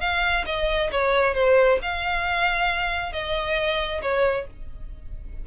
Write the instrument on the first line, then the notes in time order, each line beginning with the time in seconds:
violin
0.00 F5
0.46 D#5
0.92 C#5
1.34 C5
1.82 F5
3.12 D#5
4.02 C#5